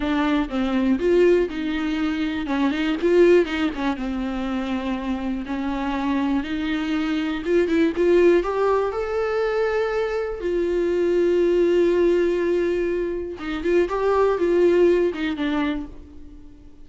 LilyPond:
\new Staff \with { instrumentName = "viola" } { \time 4/4 \tempo 4 = 121 d'4 c'4 f'4 dis'4~ | dis'4 cis'8 dis'8 f'4 dis'8 cis'8 | c'2. cis'4~ | cis'4 dis'2 f'8 e'8 |
f'4 g'4 a'2~ | a'4 f'2.~ | f'2. dis'8 f'8 | g'4 f'4. dis'8 d'4 | }